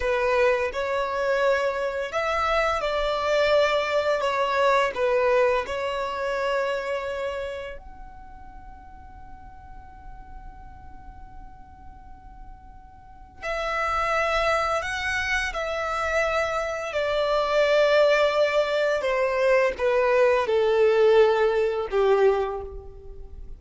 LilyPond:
\new Staff \with { instrumentName = "violin" } { \time 4/4 \tempo 4 = 85 b'4 cis''2 e''4 | d''2 cis''4 b'4 | cis''2. fis''4~ | fis''1~ |
fis''2. e''4~ | e''4 fis''4 e''2 | d''2. c''4 | b'4 a'2 g'4 | }